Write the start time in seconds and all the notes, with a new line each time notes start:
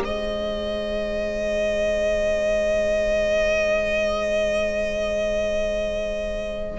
0.00 G#3 G#4 C5 D#5